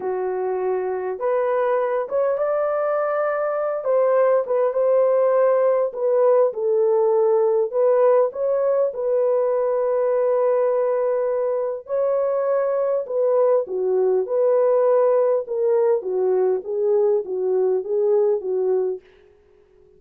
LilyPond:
\new Staff \with { instrumentName = "horn" } { \time 4/4 \tempo 4 = 101 fis'2 b'4. cis''8 | d''2~ d''8 c''4 b'8 | c''2 b'4 a'4~ | a'4 b'4 cis''4 b'4~ |
b'1 | cis''2 b'4 fis'4 | b'2 ais'4 fis'4 | gis'4 fis'4 gis'4 fis'4 | }